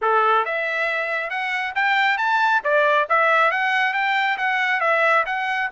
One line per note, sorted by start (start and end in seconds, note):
0.01 0.45 A4
0.45 1.30 E5
1.30 1.73 F#5
1.75 2.17 G5
2.17 2.61 A5
2.63 3.07 D5
3.09 3.51 E5
3.51 3.93 F#5
3.93 4.37 G5
4.37 4.80 F#5
4.80 5.24 E5
5.26 5.69 F#5